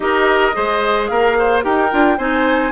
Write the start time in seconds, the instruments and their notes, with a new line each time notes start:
0.00 bassoon D#4, clarinet G4, oboe A#4, flute D#5
0.52 bassoon G#3, clarinet G#4, oboe C5
1.07 bassoon A#3, oboe A#4, flute F5
1.38 oboe C5
1.62 bassoon D#4, clarinet G4, oboe A#4, flute G5
1.91 bassoon D4, clarinet F4
2.17 bassoon C4, clarinet D#4, oboe C5, flute G#5